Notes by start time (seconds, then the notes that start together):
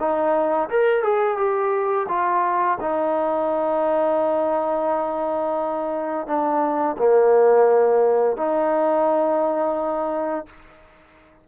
0.00 D#4
0.70 A#4
1.04 G#4
1.38 G4
2.09 F4
2.81 D#4
6.27 D4
6.98 A#3
8.37 D#4